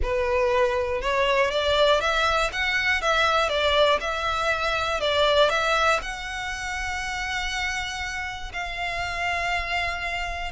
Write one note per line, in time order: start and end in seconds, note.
0.02 1.01 B4
1.01 1.50 C#5
1.50 2.00 D5
2.00 2.50 E5
2.52 3.01 F#5
3.01 3.49 E5
3.49 3.99 D5
4.00 5.00 E5
5.00 5.49 D5
5.49 5.99 E5
6.02 8.52 F#5
8.53 10.51 F5